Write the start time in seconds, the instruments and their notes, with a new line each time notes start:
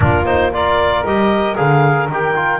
0.00 double bass A#3, trombone D4, saxophone F4, clarinet A#4
0.25 trombone D#4, clarinet C5
0.52 trombone F4, saxophone A#4, clarinet D5
1.03 double bass G3, trombone G4, clarinet D#5
1.56 double bass D3, trombone G#4, clarinet F5
2.08 double bass D#3, trombone G4, clarinet G5
2.35 trombone F4